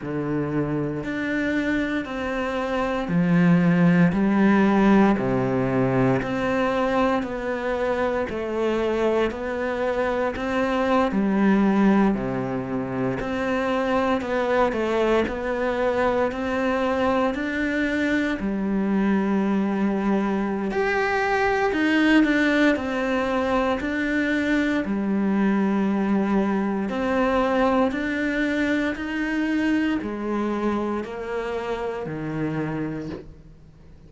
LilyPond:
\new Staff \with { instrumentName = "cello" } { \time 4/4 \tempo 4 = 58 d4 d'4 c'4 f4 | g4 c4 c'4 b4 | a4 b4 c'8. g4 c16~ | c8. c'4 b8 a8 b4 c'16~ |
c'8. d'4 g2~ g16 | g'4 dis'8 d'8 c'4 d'4 | g2 c'4 d'4 | dis'4 gis4 ais4 dis4 | }